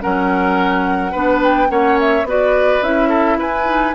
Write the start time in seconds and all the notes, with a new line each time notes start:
0.00 F#3 C#4 A#4 F#5
1.12 B3 D4 B4
1.42 G5
1.68 A#3 C#4 C#5 F#5
1.99 E5
2.23 B3 F#4 B4 D5
2.82 C#4 E4 E5
3.09 A4
3.37 E4 B4 G#5
3.65 D#4